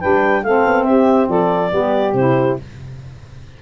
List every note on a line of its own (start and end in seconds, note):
0.00 0.44 G3
0.00 0.44 D4
0.00 0.43 B4
0.00 0.44 G5
0.44 0.66 A3
0.44 1.71 C4
0.44 0.86 A4
0.44 0.84 F5
0.66 0.85 B3
0.84 1.28 C4
0.84 1.28 G4
0.84 1.27 E5
1.28 1.72 F3
1.28 1.71 A4
1.28 2.14 D5
1.71 2.13 G3
1.71 2.14 B3
1.71 2.63 G4
2.13 2.57 C3
2.13 2.61 E4
2.13 2.57 C5